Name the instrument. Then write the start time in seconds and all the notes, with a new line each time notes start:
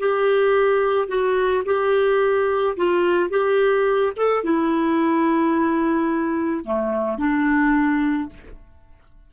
clarinet
0.00 G4
1.09 F#4
1.66 G4
2.77 F4
3.30 G4
4.17 A4
4.44 E4
6.65 A3
7.18 D4